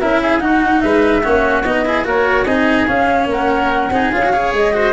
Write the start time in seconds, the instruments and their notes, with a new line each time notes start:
0.00 tuba C#4, cello E4, oboe A#4, flute E5
0.22 oboe G#4
0.40 cello D#4, tuba D#4, oboe F#4, flute F#5
0.81 tuba G#3, oboe B4, flute E5
1.23 tuba A#3, cello C#4, oboe F#4
1.63 tuba B3, cello D#4, flute D#5
1.86 cello E4, oboe G#4
2.05 tuba A#3, cello F#4, oboe A#4, flute C#5
2.46 tuba C4, cello D#4, oboe G#4, flute D#5
2.87 cello C#4, tuba C#4, flute F5
3.26 tuba A#3, oboe A#4, flute F#5
3.90 tuba C4, cello D#4, oboe G#4
4.12 tuba C#4, cello F4, flute F5
4.24 cello F#4
4.33 cello G#4, oboe C#5
4.53 tuba G#3, flute D#5
4.73 cello F#4, oboe C5